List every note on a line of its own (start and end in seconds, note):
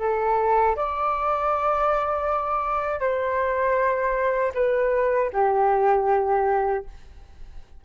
0.00 0.76 A4
0.76 3.00 D5
3.00 4.52 C5
4.55 5.31 B4
5.33 6.85 G4